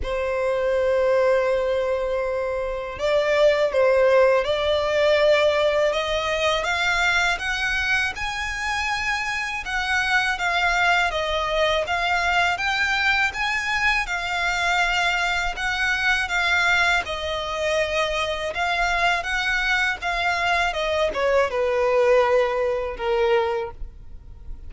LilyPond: \new Staff \with { instrumentName = "violin" } { \time 4/4 \tempo 4 = 81 c''1 | d''4 c''4 d''2 | dis''4 f''4 fis''4 gis''4~ | gis''4 fis''4 f''4 dis''4 |
f''4 g''4 gis''4 f''4~ | f''4 fis''4 f''4 dis''4~ | dis''4 f''4 fis''4 f''4 | dis''8 cis''8 b'2 ais'4 | }